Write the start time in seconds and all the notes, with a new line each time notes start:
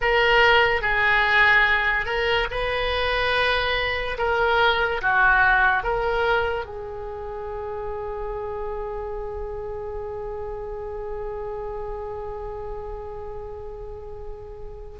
0.01 A#4
0.81 G#4
2.05 A#4
2.50 B4
4.17 A#4
5.01 F#4
5.83 A#4
6.65 G#4